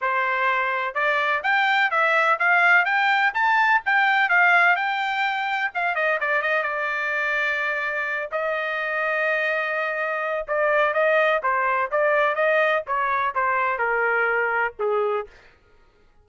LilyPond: \new Staff \with { instrumentName = "trumpet" } { \time 4/4 \tempo 4 = 126 c''2 d''4 g''4 | e''4 f''4 g''4 a''4 | g''4 f''4 g''2 | f''8 dis''8 d''8 dis''8 d''2~ |
d''4. dis''2~ dis''8~ | dis''2 d''4 dis''4 | c''4 d''4 dis''4 cis''4 | c''4 ais'2 gis'4 | }